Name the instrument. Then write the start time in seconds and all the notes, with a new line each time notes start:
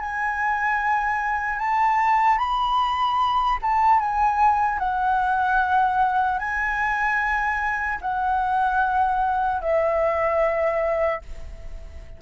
flute
0.00 G#5
1.59 A5
2.38 B5
3.62 A5
3.99 G#5
4.79 F#5
6.39 G#5
8.01 F#5
9.61 E5